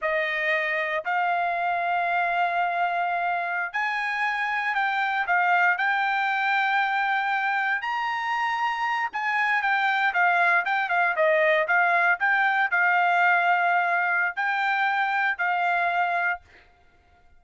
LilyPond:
\new Staff \with { instrumentName = "trumpet" } { \time 4/4 \tempo 4 = 117 dis''2 f''2~ | f''2.~ f''16 gis''8.~ | gis''4~ gis''16 g''4 f''4 g''8.~ | g''2.~ g''16 ais''8.~ |
ais''4.~ ais''16 gis''4 g''4 f''16~ | f''8. g''8 f''8 dis''4 f''4 g''16~ | g''8. f''2.~ f''16 | g''2 f''2 | }